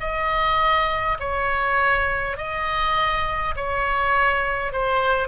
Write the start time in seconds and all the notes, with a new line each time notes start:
0.00 D#5
1.19 C#5
2.37 D#5
3.56 C#5
4.72 C5